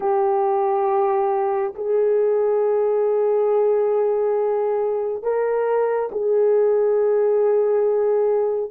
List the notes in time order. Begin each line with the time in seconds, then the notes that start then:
0.00 G4
1.74 G#4
5.22 A#4
6.11 G#4